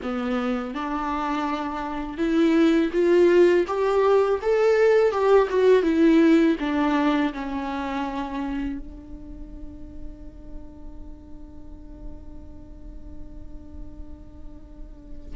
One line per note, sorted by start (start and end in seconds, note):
0.02 0.74 B3
0.74 2.17 D4
2.17 2.90 E4
2.92 3.66 F4
3.67 4.40 G4
4.42 5.11 A4
5.11 5.48 G4
5.49 5.82 F#4
5.82 6.56 E4
6.59 7.32 D4
7.33 8.79 C#4
8.79 15.36 D4